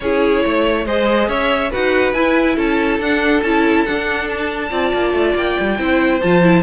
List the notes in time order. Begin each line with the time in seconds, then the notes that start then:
0.00 C#4 E4 G#4 C#5
0.45 A3 C#5
0.85 G#3 G#4 C5 D#5
1.27 C#4 C#5 E5
1.70 D#4 F#4 B4 F#5
2.13 E4 G#5
2.55 C#4 A4 A5
2.98 D4 F#5
3.42 C#4 E4 A5
3.85 D4 F#5
4.29 A5
4.69 C4 F4 D5
4.93 A#3
5.13 A3
5.34 A#3 G5
5.60 G3
5.77 C4 E4 C5
6.20 F3 F4 A5
6.42 E4